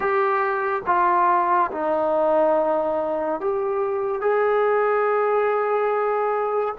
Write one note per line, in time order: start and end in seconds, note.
0.00 0.82 G4
0.86 1.71 F4
1.71 3.40 D#4
3.40 4.21 G4
4.21 6.75 G#4